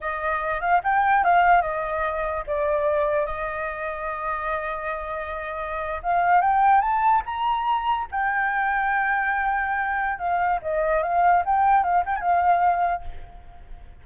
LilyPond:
\new Staff \with { instrumentName = "flute" } { \time 4/4 \tempo 4 = 147 dis''4. f''8 g''4 f''4 | dis''2 d''2 | dis''1~ | dis''2~ dis''8. f''4 g''16~ |
g''8. a''4 ais''2 g''16~ | g''1~ | g''4 f''4 dis''4 f''4 | g''4 f''8 g''16 gis''16 f''2 | }